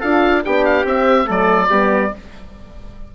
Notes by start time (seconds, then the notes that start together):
0.00 D4 F4 A4 F5
0.44 B3 D4 G4 G5
0.64 F5
0.84 C4 E5
1.24 F#3 A3 A4
1.30 D5
1.70 G3 B3 G4